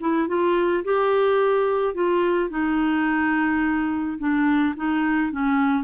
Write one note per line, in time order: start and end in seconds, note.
0.00 0.28 E4
0.28 0.84 F4
0.84 1.94 G4
1.94 2.50 F4
2.50 4.18 D#4
4.18 4.74 D4
4.76 5.31 D#4
5.31 5.84 C#4